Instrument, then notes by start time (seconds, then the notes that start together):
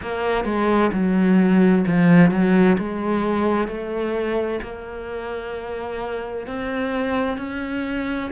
cello
0.02 A#3
0.44 G#3
0.92 F#3
1.87 F3
2.31 F#3
2.78 G#3
3.67 A3
4.62 A#3
6.47 C4
7.37 C#4